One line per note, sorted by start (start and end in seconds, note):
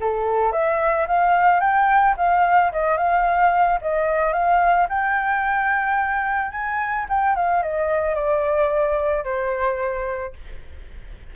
0.00 0.52 A4
0.52 1.07 E5
1.07 1.60 F5
1.60 2.15 G5
2.17 2.71 F5
2.72 2.97 D#5
2.97 3.79 F5
3.81 4.33 D#5
4.33 4.87 F5
4.89 6.51 G5
6.51 7.06 G#5
7.09 7.35 G5
7.35 7.62 F5
7.62 8.15 D#5
8.15 9.24 D5
9.24 10.33 C5